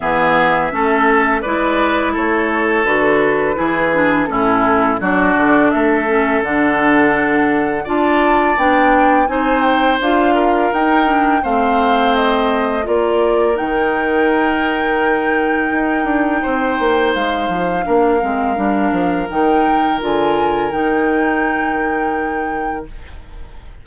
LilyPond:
<<
  \new Staff \with { instrumentName = "flute" } { \time 4/4 \tempo 4 = 84 e''2 d''4 cis''4 | b'2 a'4 d''4 | e''4 fis''2 a''4 | g''4 gis''8 g''8 f''4 g''4 |
f''4 dis''4 d''4 g''4~ | g''1 | f''2. g''4 | gis''4 g''2. | }
  \new Staff \with { instrumentName = "oboe" } { \time 4/4 gis'4 a'4 b'4 a'4~ | a'4 gis'4 e'4 fis'4 | a'2. d''4~ | d''4 c''4. ais'4. |
c''2 ais'2~ | ais'2. c''4~ | c''4 ais'2.~ | ais'1 | }
  \new Staff \with { instrumentName = "clarinet" } { \time 4/4 b4 cis'4 e'2 | fis'4 e'8 d'8 cis'4 d'4~ | d'8 cis'8 d'2 f'4 | d'4 dis'4 f'4 dis'8 d'8 |
c'2 f'4 dis'4~ | dis'1~ | dis'4 d'8 c'8 d'4 dis'4 | f'4 dis'2. | }
  \new Staff \with { instrumentName = "bassoon" } { \time 4/4 e4 a4 gis4 a4 | d4 e4 a,4 fis8 d8 | a4 d2 d'4 | b4 c'4 d'4 dis'4 |
a2 ais4 dis4~ | dis2 dis'8 d'8 c'8 ais8 | gis8 f8 ais8 gis8 g8 f8 dis4 | d4 dis2. | }
>>